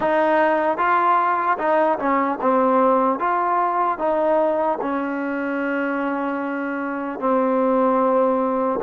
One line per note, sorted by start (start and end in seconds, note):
0.00 0.77 D#4
0.77 1.57 F4
1.58 1.98 D#4
1.98 2.38 C#4
2.41 3.19 C4
3.19 3.98 F4
3.98 4.78 D#4
4.81 7.19 C#4
7.19 8.79 C4